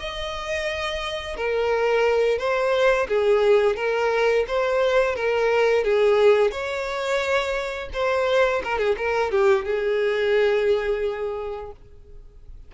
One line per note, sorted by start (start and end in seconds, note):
0.00 1.37 D#5
1.37 2.39 A#4
2.39 3.08 C5
3.09 3.77 G#4
3.77 4.46 A#4
4.48 5.16 C5
5.16 5.84 A#4
5.84 6.52 G#4
6.52 7.90 C#5
7.94 8.63 C5
8.64 8.79 A#4
8.79 8.96 G#4
8.97 9.32 A#4
9.32 9.65 G4
9.65 11.72 G#4